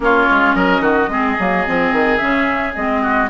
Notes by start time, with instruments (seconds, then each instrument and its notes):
0.00 bassoon A#3, clarinet C#4, oboe F4, flute C#5
0.30 bassoon G#3
0.54 bassoon F#3, oboe A#4, flute D#5
0.80 bassoon D#3, oboe F#4
1.08 bassoon G#3, clarinet C4, oboe G#4
1.39 bassoon F#3, clarinet A#3
1.66 bassoon F3, clarinet C4
1.92 bassoon D#3
2.17 bassoon C#3, clarinet C#4, flute E5
2.74 bassoon G#3, clarinet C4, flute D#5
3.02 oboe F#4